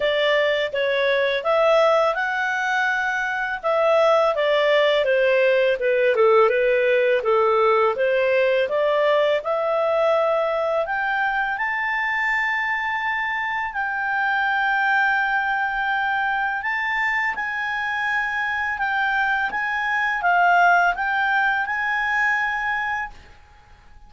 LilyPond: \new Staff \with { instrumentName = "clarinet" } { \time 4/4 \tempo 4 = 83 d''4 cis''4 e''4 fis''4~ | fis''4 e''4 d''4 c''4 | b'8 a'8 b'4 a'4 c''4 | d''4 e''2 g''4 |
a''2. g''4~ | g''2. a''4 | gis''2 g''4 gis''4 | f''4 g''4 gis''2 | }